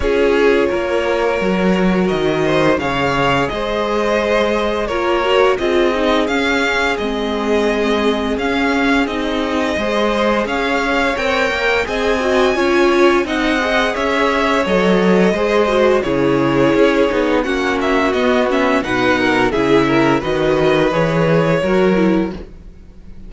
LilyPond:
<<
  \new Staff \with { instrumentName = "violin" } { \time 4/4 \tempo 4 = 86 cis''2. dis''4 | f''4 dis''2 cis''4 | dis''4 f''4 dis''2 | f''4 dis''2 f''4 |
g''4 gis''2 fis''4 | e''4 dis''2 cis''4~ | cis''4 fis''8 e''8 dis''8 e''8 fis''4 | e''4 dis''4 cis''2 | }
  \new Staff \with { instrumentName = "violin" } { \time 4/4 gis'4 ais'2~ ais'8 c''8 | cis''4 c''2 ais'4 | gis'1~ | gis'2 c''4 cis''4~ |
cis''4 dis''4 cis''4 dis''4 | cis''2 c''4 gis'4~ | gis'4 fis'2 b'8 ais'8 | gis'8 ais'8 b'2 ais'4 | }
  \new Staff \with { instrumentName = "viola" } { \time 4/4 f'2 fis'2 | gis'2. f'8 fis'8 | f'8 dis'8 cis'4 c'2 | cis'4 dis'4 gis'2 |
ais'4 gis'8 fis'8 f'4 dis'8 gis'8~ | gis'4 a'4 gis'8 fis'8 e'4~ | e'8 dis'8 cis'4 b8 cis'8 dis'4 | e'4 fis'4 gis'4 fis'8 e'8 | }
  \new Staff \with { instrumentName = "cello" } { \time 4/4 cis'4 ais4 fis4 dis4 | cis4 gis2 ais4 | c'4 cis'4 gis2 | cis'4 c'4 gis4 cis'4 |
c'8 ais8 c'4 cis'4 c'4 | cis'4 fis4 gis4 cis4 | cis'8 b8 ais4 b4 b,4 | cis4 dis4 e4 fis4 | }
>>